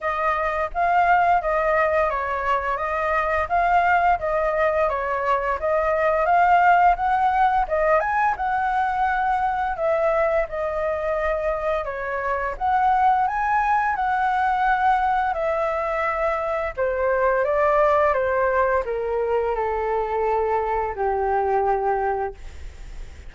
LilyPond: \new Staff \with { instrumentName = "flute" } { \time 4/4 \tempo 4 = 86 dis''4 f''4 dis''4 cis''4 | dis''4 f''4 dis''4 cis''4 | dis''4 f''4 fis''4 dis''8 gis''8 | fis''2 e''4 dis''4~ |
dis''4 cis''4 fis''4 gis''4 | fis''2 e''2 | c''4 d''4 c''4 ais'4 | a'2 g'2 | }